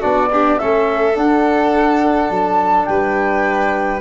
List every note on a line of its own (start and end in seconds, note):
0.00 0.61 B3
0.00 0.30 D4
0.00 0.29 F#4
0.00 0.59 D5
0.32 0.60 D4
0.32 0.60 G4
0.59 1.17 A3
0.59 1.14 C#4
0.59 2.88 A4
0.59 1.16 E5
1.14 4.00 D4
1.14 2.30 D4
1.14 2.32 F#5
2.30 2.87 F#3
2.30 2.86 A5
2.86 4.01 G3
2.86 4.01 B4
2.86 4.00 G5